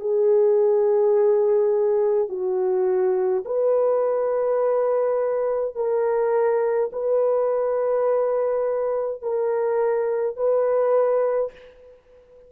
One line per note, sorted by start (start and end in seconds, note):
0.00 2.29 G#4
2.29 3.44 F#4
3.45 5.75 B4
5.75 6.91 A#4
6.92 9.22 B4
9.22 10.36 A#4
10.36 11.52 B4